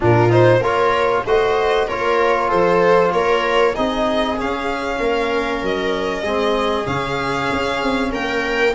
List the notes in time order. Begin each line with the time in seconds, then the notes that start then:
0.00 A#2 D4 F4 A#4
0.29 D#4 C5
0.59 A#3 F4 A#4 C#5
1.25 A3 F#4 C5 D#5
1.87 A#3 F4 A#4 C#5
2.47 F3 A4 C5
3.12 A#3 A#4 C#5
3.73 C4 D#4 G#4 D#5
4.38 C#4 F5
4.99 A#3 A#4
5.62 F#3 D#5
6.22 G#3 C4 G#4
6.85 C#3 C#4 F5
7.52 C#4
7.82 C4
8.12 A#3 A#4 G5